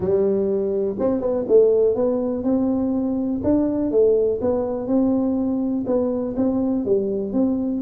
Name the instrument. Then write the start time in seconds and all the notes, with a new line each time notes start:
tuba
0.00 G3
0.99 C4
1.21 B3
1.48 A3
1.95 B3
2.43 C4
3.43 D4
3.91 A3
4.41 B3
4.87 C4
5.86 B3
6.36 C4
6.85 G3
7.32 C4